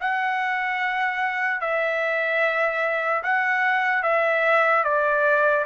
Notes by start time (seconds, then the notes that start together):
0.00 F#5
1.60 E5
3.23 F#5
4.02 E5
4.84 D5